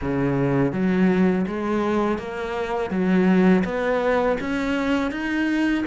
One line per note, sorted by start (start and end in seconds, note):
0.01 0.72 C#3
0.72 1.45 F#3
1.47 2.18 G#3
2.18 2.90 A#3
2.90 3.63 F#3
3.64 4.37 B3
4.40 5.11 C#4
5.11 5.84 D#4